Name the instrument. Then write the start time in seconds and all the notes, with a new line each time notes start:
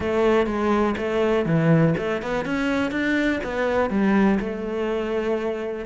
cello
0.00 A3
0.46 G#3
0.97 A3
1.45 E3
1.97 A3
2.22 B3
2.45 C#4
2.91 D4
3.43 B3
3.90 G3
4.39 A3